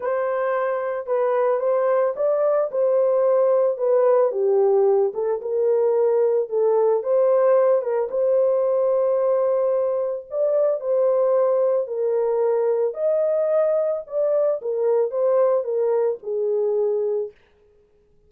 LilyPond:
\new Staff \with { instrumentName = "horn" } { \time 4/4 \tempo 4 = 111 c''2 b'4 c''4 | d''4 c''2 b'4 | g'4. a'8 ais'2 | a'4 c''4. ais'8 c''4~ |
c''2. d''4 | c''2 ais'2 | dis''2 d''4 ais'4 | c''4 ais'4 gis'2 | }